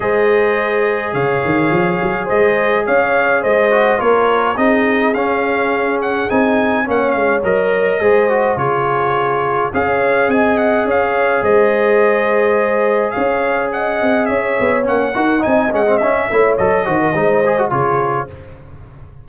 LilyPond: <<
  \new Staff \with { instrumentName = "trumpet" } { \time 4/4 \tempo 4 = 105 dis''2 f''2 | dis''4 f''4 dis''4 cis''4 | dis''4 f''4. fis''8 gis''4 | fis''8 f''8 dis''2 cis''4~ |
cis''4 f''4 gis''8 fis''8 f''4 | dis''2. f''4 | fis''4 e''4 fis''4 gis''8 fis''8 | e''4 dis''2 cis''4 | }
  \new Staff \with { instrumentName = "horn" } { \time 4/4 c''2 cis''2 | c''4 cis''4 c''4 ais'4 | gis'1 | cis''2 c''4 gis'4~ |
gis'4 cis''4 dis''4 cis''4 | c''2. cis''4 | dis''4 cis''4. ais'8 dis''4~ | dis''8 cis''4 c''16 ais'16 c''4 gis'4 | }
  \new Staff \with { instrumentName = "trombone" } { \time 4/4 gis'1~ | gis'2~ gis'8 fis'8 f'4 | dis'4 cis'2 dis'4 | cis'4 ais'4 gis'8 fis'8 f'4~ |
f'4 gis'2.~ | gis'1~ | gis'2 cis'8 fis'8 dis'8 cis'16 c'16 | cis'8 e'8 a'8 fis'8 dis'8 gis'16 fis'16 f'4 | }
  \new Staff \with { instrumentName = "tuba" } { \time 4/4 gis2 cis8 dis8 f8 fis8 | gis4 cis'4 gis4 ais4 | c'4 cis'2 c'4 | ais8 gis8 fis4 gis4 cis4~ |
cis4 cis'4 c'4 cis'4 | gis2. cis'4~ | cis'8 c'8 cis'8 b8 ais8 dis'8 c'8 gis8 | cis'8 a8 fis8 dis8 gis4 cis4 | }
>>